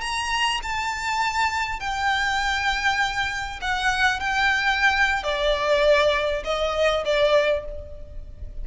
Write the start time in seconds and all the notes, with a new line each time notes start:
0.00 A#5
0.62 A5
1.79 G5
3.61 F#5
4.19 G5
5.23 D5
6.44 D#5
7.05 D5